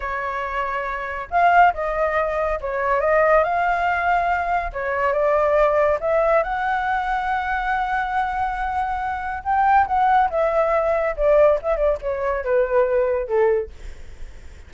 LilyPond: \new Staff \with { instrumentName = "flute" } { \time 4/4 \tempo 4 = 140 cis''2. f''4 | dis''2 cis''4 dis''4 | f''2. cis''4 | d''2 e''4 fis''4~ |
fis''1~ | fis''2 g''4 fis''4 | e''2 d''4 e''8 d''8 | cis''4 b'2 a'4 | }